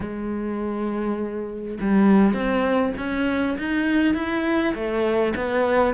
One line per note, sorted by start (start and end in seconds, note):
0.00 1.78 G#3
1.80 2.33 G3
2.33 2.93 C4
2.97 3.57 C#4
3.58 4.14 D#4
4.14 4.74 E4
4.74 5.34 A3
5.35 5.94 B3